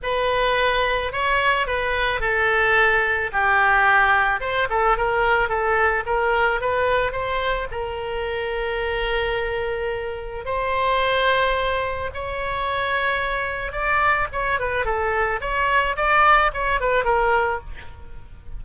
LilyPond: \new Staff \with { instrumentName = "oboe" } { \time 4/4 \tempo 4 = 109 b'2 cis''4 b'4 | a'2 g'2 | c''8 a'8 ais'4 a'4 ais'4 | b'4 c''4 ais'2~ |
ais'2. c''4~ | c''2 cis''2~ | cis''4 d''4 cis''8 b'8 a'4 | cis''4 d''4 cis''8 b'8 ais'4 | }